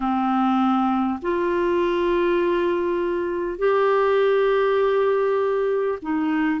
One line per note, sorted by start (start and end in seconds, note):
0.00 1.19 C4
1.22 3.58 F4
3.58 5.98 G4
6.02 6.60 D#4